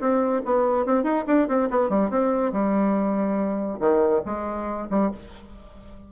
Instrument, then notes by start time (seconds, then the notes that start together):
bassoon
0.00 C4
0.45 B3
0.86 C4
1.04 D#4
1.27 D4
1.48 C4
1.70 B3
1.89 G3
2.10 C4
2.52 G3
3.80 D#3
4.25 G#3
4.90 G3